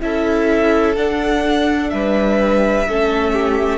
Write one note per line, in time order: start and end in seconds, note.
0.00 0.96 C#4
0.00 0.95 E4
0.00 1.93 A4
0.00 0.96 E5
0.96 1.91 D4
0.96 2.87 D4
0.96 1.90 F#5
1.90 2.87 G3
1.90 2.88 B4
1.90 3.78 E5
2.88 3.78 A3
2.88 3.78 C#4
2.88 3.33 A4
3.33 3.78 G4